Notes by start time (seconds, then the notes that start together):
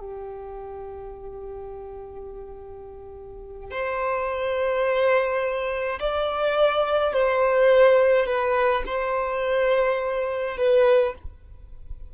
0.00 G4
3.71 C5
6.00 D5
7.13 C5
8.26 B4
8.86 C5
10.58 B4